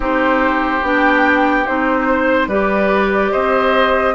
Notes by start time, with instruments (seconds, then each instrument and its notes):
0.00 bassoon C4, clarinet D#4, oboe G4, flute C5
0.81 bassoon B3, clarinet D4, flute G5
1.66 bassoon C4, clarinet D#4, flute C5
2.09 oboe C5
2.47 bassoon G3, clarinet G4, oboe B4, flute D5
3.31 bassoon C4, oboe C5, flute D#5